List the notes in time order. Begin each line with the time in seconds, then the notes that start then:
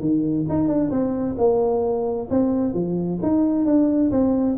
0.00 D#3
0.49 D#4
0.67 D4
0.90 C4
1.38 A#3
2.30 C4
2.73 F3
3.22 D#4
3.65 D4
4.11 C4